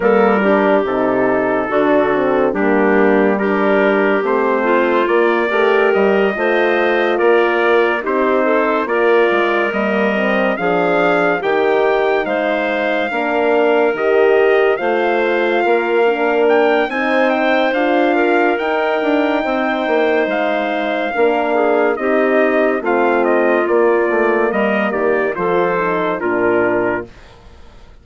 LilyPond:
<<
  \new Staff \with { instrumentName = "trumpet" } { \time 4/4 \tempo 4 = 71 ais'4 a'2 g'4 | ais'4 c''4 d''4 dis''4~ | dis''8 d''4 c''4 d''4 dis''8~ | dis''8 f''4 g''4 f''4.~ |
f''8 dis''4 f''2 g''8 | gis''8 g''8 f''4 g''2 | f''2 dis''4 f''8 dis''8 | d''4 dis''8 d''8 c''4 ais'4 | }
  \new Staff \with { instrumentName = "clarinet" } { \time 4/4 a'8 g'4. fis'4 d'4 | g'4. f'4 ais'4 c''8~ | c''8 ais'4 g'8 a'8 ais'4.~ | ais'8 gis'4 g'4 c''4 ais'8~ |
ais'4. c''4 ais'4. | c''4. ais'4. c''4~ | c''4 ais'8 gis'8 g'4 f'4~ | f'4 ais'8 g'8 a'4 f'4 | }
  \new Staff \with { instrumentName = "horn" } { \time 4/4 ais8 d'8 dis'4 d'8 c'8 ais4 | d'4 c'4 ais8 g'4 f'8~ | f'4. dis'4 f'4 ais8 | c'8 d'4 dis'2 d'8~ |
d'8 g'4 f'4. d'4 | dis'4 f'4 dis'2~ | dis'4 d'4 dis'4 c'4 | ais2 f'8 dis'8 d'4 | }
  \new Staff \with { instrumentName = "bassoon" } { \time 4/4 g4 c4 d4 g4~ | g4 a4 ais8 a8 g8 a8~ | a8 ais4 c'4 ais8 gis8 g8~ | g8 f4 dis4 gis4 ais8~ |
ais8 dis4 a4 ais4. | c'4 d'4 dis'8 d'8 c'8 ais8 | gis4 ais4 c'4 a4 | ais8 a8 g8 dis8 f4 ais,4 | }
>>